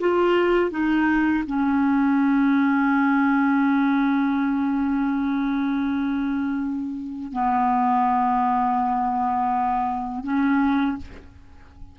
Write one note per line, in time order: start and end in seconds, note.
0.00 0.71 F4
0.71 1.44 D#4
1.47 7.32 C#4
7.32 10.24 B3
10.24 10.97 C#4